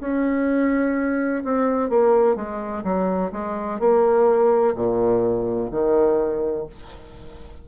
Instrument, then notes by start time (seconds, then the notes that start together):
bassoon
0.00 C#4
1.44 C4
1.90 A#3
2.35 G#3
2.84 F#3
3.32 G#3
3.80 A#3
4.75 A#2
5.71 D#3